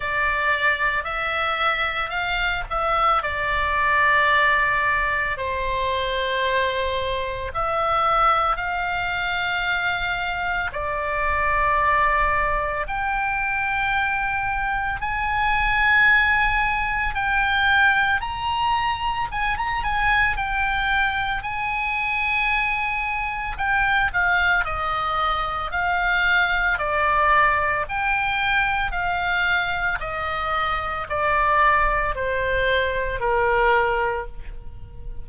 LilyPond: \new Staff \with { instrumentName = "oboe" } { \time 4/4 \tempo 4 = 56 d''4 e''4 f''8 e''8 d''4~ | d''4 c''2 e''4 | f''2 d''2 | g''2 gis''2 |
g''4 ais''4 gis''16 ais''16 gis''8 g''4 | gis''2 g''8 f''8 dis''4 | f''4 d''4 g''4 f''4 | dis''4 d''4 c''4 ais'4 | }